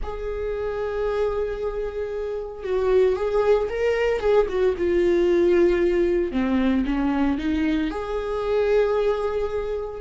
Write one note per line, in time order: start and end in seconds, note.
0.02 2.63 G#4
2.63 3.16 F#4
3.16 3.68 G#4
3.69 4.20 A#4
4.20 4.46 G#4
4.49 4.75 F#4
4.77 6.31 F4
6.31 6.84 C4
6.85 7.38 C#4
7.38 7.90 D#4
7.90 10.00 G#4